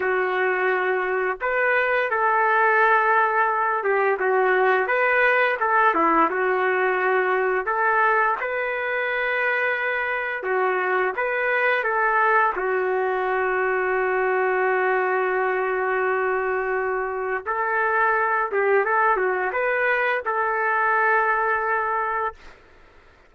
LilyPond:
\new Staff \with { instrumentName = "trumpet" } { \time 4/4 \tempo 4 = 86 fis'2 b'4 a'4~ | a'4. g'8 fis'4 b'4 | a'8 e'8 fis'2 a'4 | b'2. fis'4 |
b'4 a'4 fis'2~ | fis'1~ | fis'4 a'4. g'8 a'8 fis'8 | b'4 a'2. | }